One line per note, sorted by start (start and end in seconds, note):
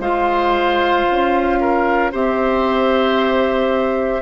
0.00 1.05 G#3
0.00 2.12 F4
0.00 1.59 C5
0.00 2.12 F5
1.11 2.13 C#4
1.61 2.12 A#4
2.12 4.22 C4
2.12 4.22 G4
2.12 4.22 C5
2.12 4.22 E5